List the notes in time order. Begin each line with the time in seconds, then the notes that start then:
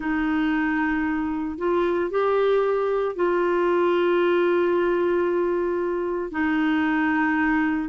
0.00 D#4
1.58 F4
2.10 G4
3.15 F4
6.31 D#4